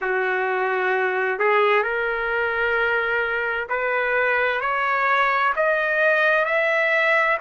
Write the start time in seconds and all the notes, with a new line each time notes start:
0.01 F#4
1.39 G#4
1.83 A#4
3.69 B4
4.61 C#5
5.56 D#5
6.45 E5